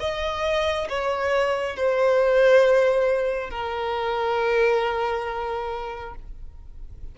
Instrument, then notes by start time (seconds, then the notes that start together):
violin
0.00 D#5
0.89 C#5
1.76 C5
3.51 A#4